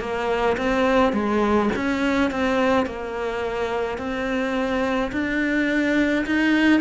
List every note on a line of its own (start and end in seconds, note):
0.00 0.57 A#3
0.57 1.13 C4
1.13 1.69 G#3
1.75 2.31 C#4
2.31 2.86 C4
2.86 3.98 A#3
3.98 5.11 C4
5.12 6.25 D4
6.26 6.80 D#4